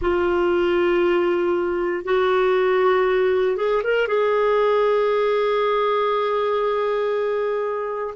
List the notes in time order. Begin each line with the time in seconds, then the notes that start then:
0.01 F4
2.04 F#4
3.56 G#4
3.83 A#4
4.07 G#4